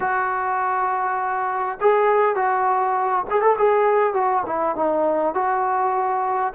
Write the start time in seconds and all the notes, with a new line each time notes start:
0.00 F#4
1.80 G#4
2.35 F#4
3.30 G#4
3.41 A4
3.58 G#4
4.13 F#4
4.46 E4
4.75 D#4
5.34 F#4